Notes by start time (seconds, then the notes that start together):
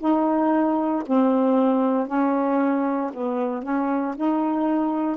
0.00 D#4
1.07 C4
2.08 C#4
3.14 B3
3.63 C#4
4.16 D#4